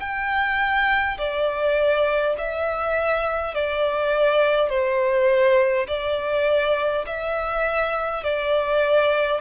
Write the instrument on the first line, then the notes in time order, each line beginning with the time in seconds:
violin
0.00 G5
1.18 D5
2.39 E5
3.55 D5
4.70 C5
5.88 D5
7.07 E5
8.24 D5